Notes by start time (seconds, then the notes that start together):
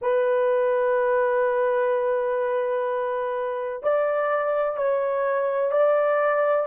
0.01 B4
3.82 D5
4.76 C#5
5.71 D5